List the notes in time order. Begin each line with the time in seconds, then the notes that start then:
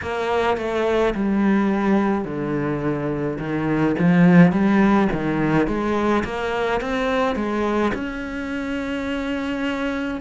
0.02 A#3
0.57 A3
1.14 G3
2.24 D3
3.39 D#3
3.98 F3
4.51 G3
5.12 D#3
5.67 G#3
6.24 A#3
6.80 C4
7.35 G#3
7.93 C#4